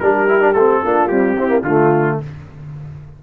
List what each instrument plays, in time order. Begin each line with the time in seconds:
0.00 tuba G3, trombone D4, horn G4, trumpet A#4
0.29 trombone E4
0.40 trombone D4
0.54 tuba A3, trombone C4, trumpet A4
0.83 tuba A#3, trombone D4, horn F4
1.08 trombone G3, tuba C4, trumpet G4
1.38 trombone C4, horn E4
1.48 trombone A#3
1.63 tuba D3, trombone A3, horn F4, trumpet F4